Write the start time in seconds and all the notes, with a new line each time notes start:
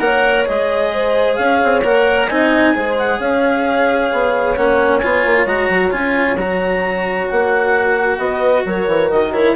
0.00 A#3 A#4 C#5 F#5
0.46 G#3 G#4 D#5
0.94 C5
1.36 C#4 C#5 F5
1.64 C4
1.84 A#3 A#4 F#5
2.28 C4 D#4 D#5 G#5
2.75 G#3 G#4 C5
2.98 F#5
3.20 C#4 C#5 F5
4.13 B3
4.57 A#3 C#4 F#5
4.99 B3 F4 G#5
5.26 A#3
5.46 G#3 F#4 A#5
5.70 F#3
5.91 C#4 F4 G#5
6.37 F#3 F#4 A#5
7.30 A#3 F#5
8.18 B3 B4 D#5
8.66 F#3 A#4 C#5
8.88 E3
9.11 D#3 D#5
9.34 E4 C#5